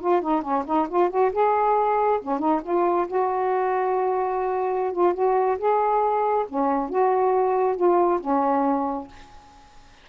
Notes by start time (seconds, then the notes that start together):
0.00 F4
0.21 D#4
0.41 C#4
0.65 D#4
0.89 F4
1.09 F#4
1.32 G#4
2.21 C#4
2.39 D#4
2.63 F4
3.07 F#4
4.92 F4
5.14 F#4
5.58 G#4
6.48 C#4
6.89 F#4
7.76 F4
8.20 C#4